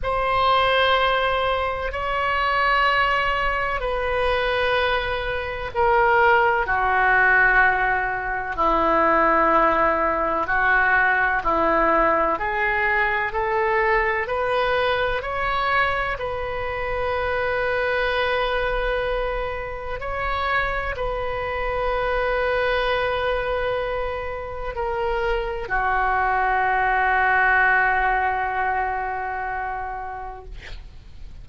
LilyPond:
\new Staff \with { instrumentName = "oboe" } { \time 4/4 \tempo 4 = 63 c''2 cis''2 | b'2 ais'4 fis'4~ | fis'4 e'2 fis'4 | e'4 gis'4 a'4 b'4 |
cis''4 b'2.~ | b'4 cis''4 b'2~ | b'2 ais'4 fis'4~ | fis'1 | }